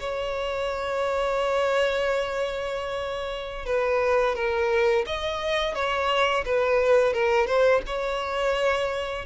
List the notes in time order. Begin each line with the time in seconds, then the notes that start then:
0.00 C#5
3.66 B4
4.36 A#4
5.07 D#5
5.75 C#5
6.45 B4
7.14 A#4
7.47 C5
7.87 C#5